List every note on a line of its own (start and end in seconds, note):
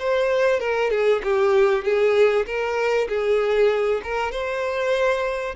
0.00 0.60 C5
0.60 0.91 A#4
0.91 1.22 G#4
1.24 1.84 G4
1.84 2.46 G#4
2.47 3.08 A#4
3.09 4.02 G#4
4.04 4.32 A#4
4.32 5.56 C5